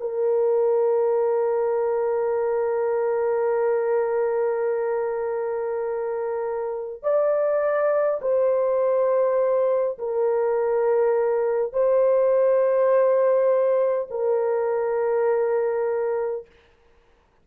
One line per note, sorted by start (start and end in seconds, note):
0.00 7.03 A#4
7.03 8.20 D5
8.21 9.98 C5
9.98 11.73 A#4
11.73 14.08 C5
14.10 16.45 A#4